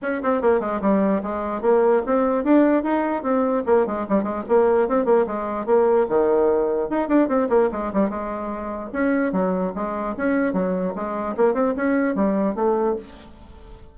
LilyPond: \new Staff \with { instrumentName = "bassoon" } { \time 4/4 \tempo 4 = 148 cis'8 c'8 ais8 gis8 g4 gis4 | ais4 c'4 d'4 dis'4 | c'4 ais8 gis8 g8 gis8 ais4 | c'8 ais8 gis4 ais4 dis4~ |
dis4 dis'8 d'8 c'8 ais8 gis8 g8 | gis2 cis'4 fis4 | gis4 cis'4 fis4 gis4 | ais8 c'8 cis'4 g4 a4 | }